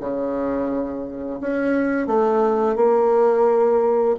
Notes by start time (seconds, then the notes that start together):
0.00 C#3
1.40 C#4
2.07 A3
2.76 A#3